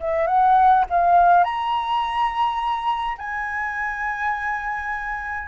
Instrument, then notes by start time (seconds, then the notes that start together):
flute
0.00 E5
0.27 F#5
0.90 F5
1.44 A#5
3.18 G#5